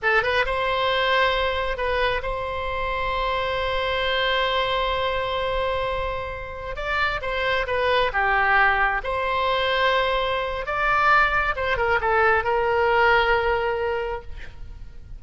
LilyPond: \new Staff \with { instrumentName = "oboe" } { \time 4/4 \tempo 4 = 135 a'8 b'8 c''2. | b'4 c''2.~ | c''1~ | c''2.~ c''16 d''8.~ |
d''16 c''4 b'4 g'4.~ g'16~ | g'16 c''2.~ c''8. | d''2 c''8 ais'8 a'4 | ais'1 | }